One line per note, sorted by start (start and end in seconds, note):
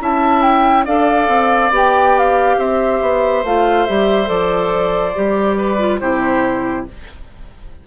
0.00 0.87 C#4
0.00 0.86 E4
0.00 0.85 E5
0.00 0.42 A5
0.42 0.85 G5
0.85 1.29 D4
0.85 1.72 A4
0.85 2.56 D5
0.85 1.73 F5
1.29 1.71 C4
1.71 2.57 B3
1.71 3.44 G4
1.71 2.19 G5
2.19 2.59 F5
2.58 3.01 C4
2.58 5.57 C5
2.58 3.45 E5
3.01 3.44 B3
3.44 3.87 A3
3.44 3.88 F4
3.44 3.86 F5
3.86 4.29 G3
3.86 4.26 G4
3.86 4.29 E5
4.26 5.15 F3
4.26 5.12 A4
4.26 6.00 D5
5.15 6.01 G3
5.15 5.78 G4
5.57 6.00 B4
5.78 6.00 F4
6.00 6.87 C3
6.00 6.87 E4
6.00 6.87 G4
6.00 6.85 C5